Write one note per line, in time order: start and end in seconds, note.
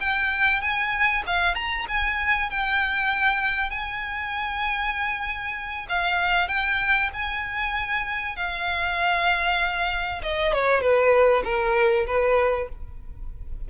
0.00 0.61 G5
0.61 1.23 G#5
1.26 1.55 F5
1.55 1.86 A#5
1.88 2.50 G#5
2.50 3.70 G5
3.70 5.87 G#5
5.89 6.48 F5
6.48 7.10 G5
7.13 8.36 G#5
8.36 10.21 F5
10.23 10.53 D#5
10.53 10.81 C#5
10.81 11.43 B4
11.44 12.06 A#4
12.06 12.68 B4